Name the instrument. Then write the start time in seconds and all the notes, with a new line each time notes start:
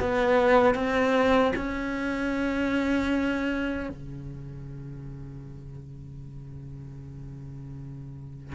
cello
0.00 B3
0.75 C4
1.56 C#4
3.90 C#3